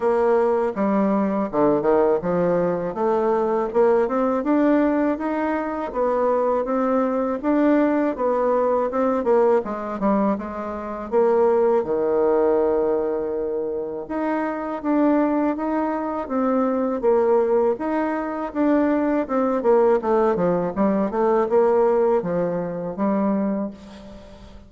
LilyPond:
\new Staff \with { instrumentName = "bassoon" } { \time 4/4 \tempo 4 = 81 ais4 g4 d8 dis8 f4 | a4 ais8 c'8 d'4 dis'4 | b4 c'4 d'4 b4 | c'8 ais8 gis8 g8 gis4 ais4 |
dis2. dis'4 | d'4 dis'4 c'4 ais4 | dis'4 d'4 c'8 ais8 a8 f8 | g8 a8 ais4 f4 g4 | }